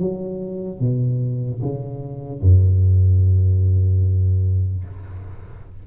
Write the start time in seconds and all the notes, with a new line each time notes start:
0.00 F#3
0.80 B2
1.63 C#3
2.42 F#2